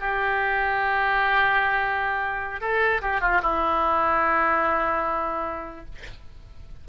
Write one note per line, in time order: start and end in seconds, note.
0.00 2.61 G4
2.61 3.01 A4
3.02 3.21 G4
3.21 3.41 F4
3.42 5.85 E4